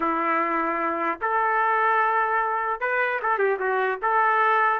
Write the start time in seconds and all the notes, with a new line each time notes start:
0.00 E4
1.21 A4
2.80 B4
3.22 A4
3.38 G4
3.59 F#4
4.01 A4